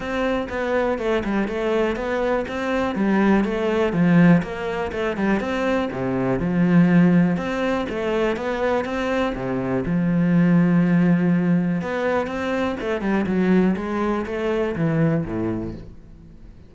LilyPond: \new Staff \with { instrumentName = "cello" } { \time 4/4 \tempo 4 = 122 c'4 b4 a8 g8 a4 | b4 c'4 g4 a4 | f4 ais4 a8 g8 c'4 | c4 f2 c'4 |
a4 b4 c'4 c4 | f1 | b4 c'4 a8 g8 fis4 | gis4 a4 e4 a,4 | }